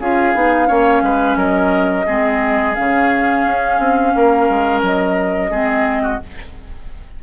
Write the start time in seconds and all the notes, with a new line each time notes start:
0.00 C#4 F4 G#4 F5
0.35 B3 D#4
0.68 A#3 C#4 C#5
1.02 G#3 B4
1.36 F#3 A#4 D#5
2.06 G#3 C4 G#4
2.75 C#3 C#4 F5
3.45 C#4
3.80 C4
4.16 A#3 A#4
4.49 G#3
4.82 F#3 D#5
5.51 G#3 C4 G#4
6.03 F#4